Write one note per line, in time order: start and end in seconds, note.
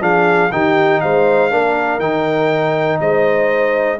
0.00 0.50 F3
0.00 0.50 D4
0.00 0.51 G#4
0.00 0.51 F5
0.51 1.01 D#3
0.51 1.50 D#4
0.51 1.02 G4
0.51 1.00 G5
1.00 1.52 G#3
1.00 1.51 C5
1.00 2.00 F5
1.50 1.99 A#3
1.50 2.00 D4
1.50 2.99 A#4
1.99 2.98 D#3
1.99 3.98 D#4
1.99 2.99 G5
3.00 3.99 G#3
3.00 3.99 C5
3.00 3.99 D#5